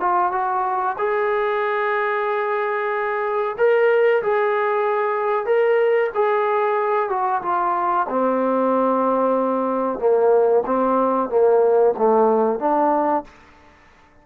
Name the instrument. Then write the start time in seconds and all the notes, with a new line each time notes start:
trombone
0.00 F4
0.32 F#4
0.98 G#4
3.58 A#4
4.22 G#4
5.46 A#4
6.15 G#4
7.09 F#4
7.42 F4
8.09 C4
9.99 A#3
10.66 C4
11.29 A#3
11.97 A3
12.59 D4